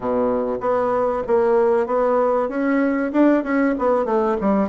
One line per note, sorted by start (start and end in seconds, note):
0.00 0.58 B2
0.60 1.22 B3
1.27 1.86 A#3
1.86 2.49 B3
2.49 3.11 C#4
3.12 3.43 D4
3.43 3.74 C#4
3.78 4.05 B3
4.05 4.36 A3
4.40 4.68 G3